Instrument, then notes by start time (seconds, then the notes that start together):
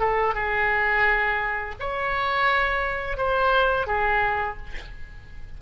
oboe
0.00 A4
0.34 G#4
1.80 C#5
3.18 C5
3.87 G#4